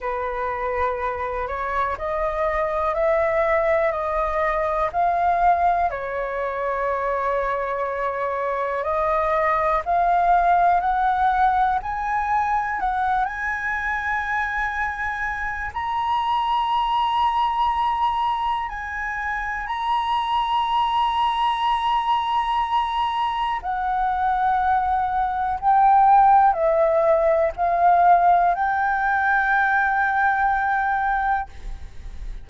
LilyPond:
\new Staff \with { instrumentName = "flute" } { \time 4/4 \tempo 4 = 61 b'4. cis''8 dis''4 e''4 | dis''4 f''4 cis''2~ | cis''4 dis''4 f''4 fis''4 | gis''4 fis''8 gis''2~ gis''8 |
ais''2. gis''4 | ais''1 | fis''2 g''4 e''4 | f''4 g''2. | }